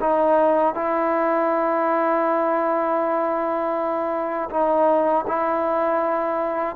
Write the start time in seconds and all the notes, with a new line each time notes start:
0.00 D#4
0.74 E4
4.50 D#4
5.27 E4